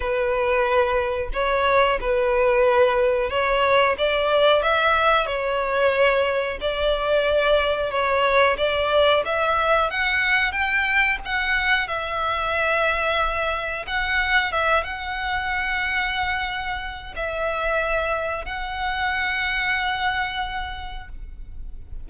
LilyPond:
\new Staff \with { instrumentName = "violin" } { \time 4/4 \tempo 4 = 91 b'2 cis''4 b'4~ | b'4 cis''4 d''4 e''4 | cis''2 d''2 | cis''4 d''4 e''4 fis''4 |
g''4 fis''4 e''2~ | e''4 fis''4 e''8 fis''4.~ | fis''2 e''2 | fis''1 | }